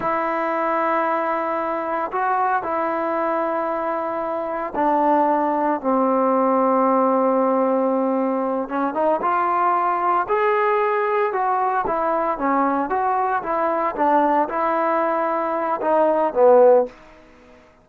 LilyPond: \new Staff \with { instrumentName = "trombone" } { \time 4/4 \tempo 4 = 114 e'1 | fis'4 e'2.~ | e'4 d'2 c'4~ | c'1~ |
c'8 cis'8 dis'8 f'2 gis'8~ | gis'4. fis'4 e'4 cis'8~ | cis'8 fis'4 e'4 d'4 e'8~ | e'2 dis'4 b4 | }